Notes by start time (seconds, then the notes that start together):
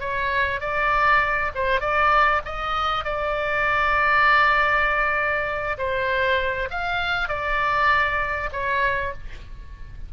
0.00 C#5
0.61 D5
1.55 C5
1.81 D5
2.45 D#5
3.04 D5
5.78 C5
6.71 F5
7.28 D5
8.53 C#5